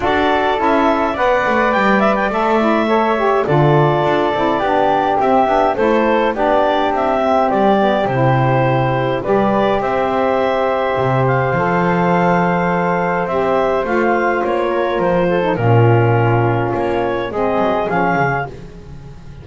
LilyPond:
<<
  \new Staff \with { instrumentName = "clarinet" } { \time 4/4 \tempo 4 = 104 d''4 e''4 fis''4 g''8 e''16 g''16 | e''2 d''2~ | d''4 e''4 c''4 d''4 | e''4 d''4 c''2 |
d''4 e''2~ e''8 f''8~ | f''2. e''4 | f''4 cis''4 c''4 ais'4~ | ais'4 cis''4 dis''4 f''4 | }
  \new Staff \with { instrumentName = "flute" } { \time 4/4 a'2 d''2~ | d''4 cis''4 a'2 | g'2 a'4 g'4~ | g'1 |
b'4 c''2.~ | c''1~ | c''4. ais'4 a'8 f'4~ | f'2 gis'2 | }
  \new Staff \with { instrumentName = "saxophone" } { \time 4/4 fis'4 e'4 b'2 | a'8 e'8 a'8 g'8 f'4. e'8 | d'4 c'8 d'8 e'4 d'4~ | d'8 c'4 b8 e'2 |
g'1 | a'2. g'4 | f'2~ f'8. dis'16 cis'4~ | cis'2 c'4 cis'4 | }
  \new Staff \with { instrumentName = "double bass" } { \time 4/4 d'4 cis'4 b8 a8 g4 | a2 d4 d'8 c'8 | b4 c'8 b8 a4 b4 | c'4 g4 c2 |
g4 c'2 c4 | f2. c'4 | a4 ais4 f4 ais,4~ | ais,4 ais4 gis8 fis8 f8 cis8 | }
>>